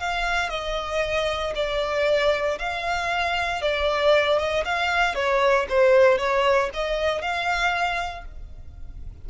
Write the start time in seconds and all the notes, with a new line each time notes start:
0.00 F5
0.50 D#5
1.55 D5
2.59 F5
3.62 D5
4.38 D#5
4.65 F5
5.15 C#5
5.69 C5
6.18 C#5
6.74 D#5
7.22 F5